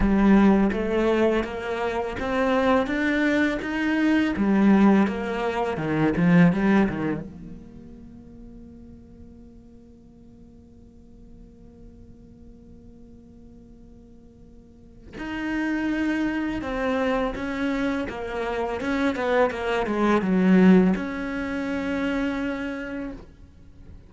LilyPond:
\new Staff \with { instrumentName = "cello" } { \time 4/4 \tempo 4 = 83 g4 a4 ais4 c'4 | d'4 dis'4 g4 ais4 | dis8 f8 g8 dis8 ais2~ | ais1~ |
ais1~ | ais4 dis'2 c'4 | cis'4 ais4 cis'8 b8 ais8 gis8 | fis4 cis'2. | }